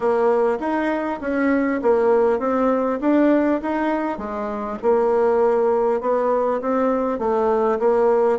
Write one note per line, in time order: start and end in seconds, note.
0.00 0.58 A#3
0.59 1.19 D#4
1.20 1.80 C#4
1.82 2.39 A#3
2.39 2.99 C4
3.01 3.61 D4
3.62 4.18 D#4
4.18 4.78 G#3
4.82 6.00 A#3
6.00 6.60 B3
6.61 7.18 C4
7.18 7.78 A3
7.79 8.38 A#3